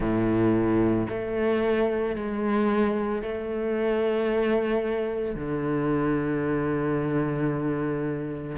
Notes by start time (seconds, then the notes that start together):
0.00 A2
1.09 A3
2.15 G#3
3.21 A3
5.35 D3